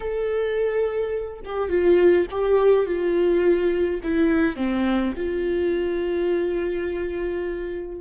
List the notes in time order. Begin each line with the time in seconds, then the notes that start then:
0.00 A4
1.44 G4
1.69 F4
2.31 G4
2.86 F4
4.03 E4
4.56 C4
5.16 F4